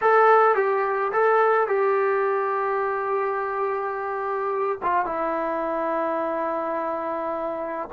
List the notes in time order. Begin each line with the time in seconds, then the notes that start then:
0.01 A4
0.55 G4
1.12 A4
1.67 G4
4.82 F4
5.05 E4